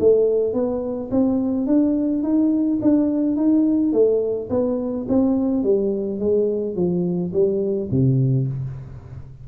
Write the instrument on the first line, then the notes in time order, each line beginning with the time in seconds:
tuba
0.00 A3
0.54 B3
1.11 C4
1.67 D4
2.23 D#4
2.82 D4
3.37 D#4
3.93 A3
4.50 B3
5.09 C4
5.63 G3
6.20 G#3
6.76 F3
7.33 G3
7.91 C3